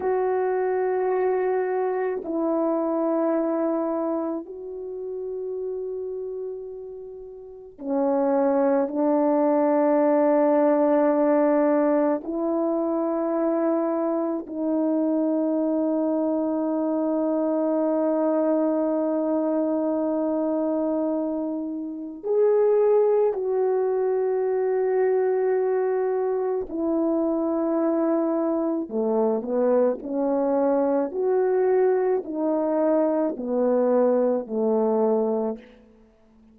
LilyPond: \new Staff \with { instrumentName = "horn" } { \time 4/4 \tempo 4 = 54 fis'2 e'2 | fis'2. cis'4 | d'2. e'4~ | e'4 dis'2.~ |
dis'1 | gis'4 fis'2. | e'2 a8 b8 cis'4 | fis'4 dis'4 b4 a4 | }